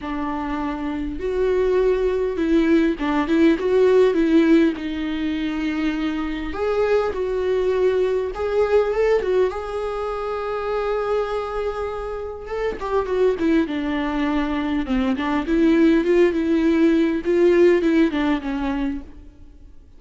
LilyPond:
\new Staff \with { instrumentName = "viola" } { \time 4/4 \tempo 4 = 101 d'2 fis'2 | e'4 d'8 e'8 fis'4 e'4 | dis'2. gis'4 | fis'2 gis'4 a'8 fis'8 |
gis'1~ | gis'4 a'8 g'8 fis'8 e'8 d'4~ | d'4 c'8 d'8 e'4 f'8 e'8~ | e'4 f'4 e'8 d'8 cis'4 | }